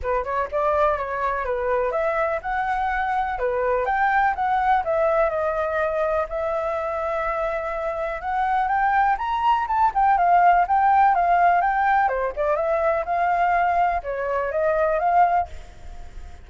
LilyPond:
\new Staff \with { instrumentName = "flute" } { \time 4/4 \tempo 4 = 124 b'8 cis''8 d''4 cis''4 b'4 | e''4 fis''2 b'4 | g''4 fis''4 e''4 dis''4~ | dis''4 e''2.~ |
e''4 fis''4 g''4 ais''4 | a''8 g''8 f''4 g''4 f''4 | g''4 c''8 d''8 e''4 f''4~ | f''4 cis''4 dis''4 f''4 | }